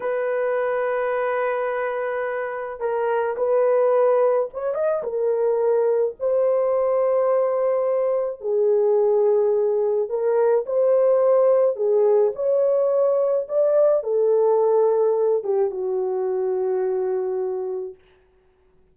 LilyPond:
\new Staff \with { instrumentName = "horn" } { \time 4/4 \tempo 4 = 107 b'1~ | b'4 ais'4 b'2 | cis''8 dis''8 ais'2 c''4~ | c''2. gis'4~ |
gis'2 ais'4 c''4~ | c''4 gis'4 cis''2 | d''4 a'2~ a'8 g'8 | fis'1 | }